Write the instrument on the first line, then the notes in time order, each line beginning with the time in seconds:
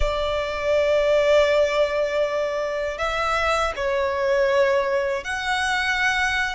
violin
0.00 D5
2.98 E5
3.76 C#5
5.23 F#5